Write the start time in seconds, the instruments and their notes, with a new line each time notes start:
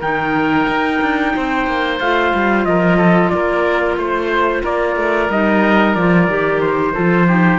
0.00 cello D#3, clarinet D#4, oboe A#4, trumpet G5
0.68 cello D#4
1.01 cello D4
1.35 cello C4, oboe C5
1.67 cello A#3
2.00 cello A3, clarinet F4, trumpet F5
2.34 cello G3
2.65 cello F3, oboe A#4, trumpet D#5
2.97 oboe A4
3.29 cello A#3, oboe A#4, trumpet D5
3.97 cello A3, trumpet C5, oboe C5
4.63 cello A#3, oboe A#4, trumpet D5
4.96 cello A3
5.29 cello G3, clarinet D#4, trumpet D#5
5.95 cello F3, clarinet F4, trumpet D5
6.28 cello D#3, clarinet G4
6.61 trumpet C5
6.93 cello F3, clarinet F4, oboe A4
7.27 clarinet D#4, oboe G4